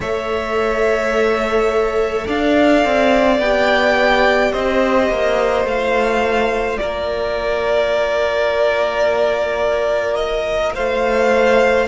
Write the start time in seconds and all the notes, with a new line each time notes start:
0.00 A3 A4 C#5 E5
2.27 D4 D5 F5
2.84 C4
3.39 B3 G4 G5
4.52 C4 C5 D#5
5.09 A#3
5.64 A3 F4 F5
6.77 A#3 A#4 D5
10.15 D#5
10.74 A3 C5 F5